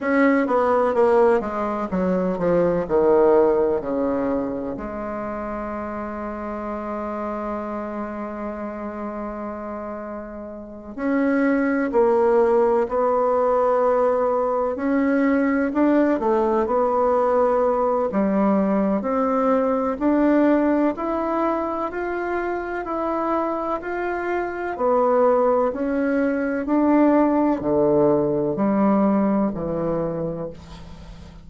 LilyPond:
\new Staff \with { instrumentName = "bassoon" } { \time 4/4 \tempo 4 = 63 cis'8 b8 ais8 gis8 fis8 f8 dis4 | cis4 gis2.~ | gis2.~ gis8 cis'8~ | cis'8 ais4 b2 cis'8~ |
cis'8 d'8 a8 b4. g4 | c'4 d'4 e'4 f'4 | e'4 f'4 b4 cis'4 | d'4 d4 g4 e4 | }